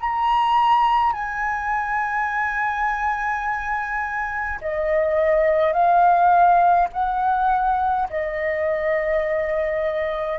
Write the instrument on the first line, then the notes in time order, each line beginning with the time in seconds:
flute
0.00 A#5
1.13 G#5
4.61 D#5
5.73 F5
6.93 F#5
8.09 D#5